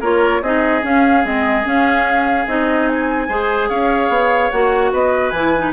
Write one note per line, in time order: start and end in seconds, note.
0.00 0.41 A#3
0.00 0.43 F4
0.00 0.41 A#4
0.00 0.43 C#5
0.41 0.82 C4
0.41 0.82 D#4
0.41 3.28 G#4
0.41 0.84 D#5
0.82 1.23 C#4
0.82 1.24 C#4
0.82 1.25 F5
1.23 1.65 G#3
1.23 1.64 C4
1.23 1.66 D#5
1.64 2.46 C#4
1.64 2.48 F5
2.47 3.29 C4
2.47 3.29 D#4
2.47 2.88 D#5
2.88 3.69 G#5
3.28 3.70 G#3
3.28 4.52 G#4
3.28 3.69 C5
3.69 4.09 C#4
3.69 4.91 C#5
3.69 4.51 F5
4.09 4.50 B3
4.51 4.92 A#3
4.51 5.34 F#4
4.51 4.91 F#5
4.92 5.32 B3
4.92 5.73 B4
4.92 5.31 D#5
5.31 5.72 E3
5.31 5.54 E4
5.31 5.71 G#5
5.57 5.73 D#4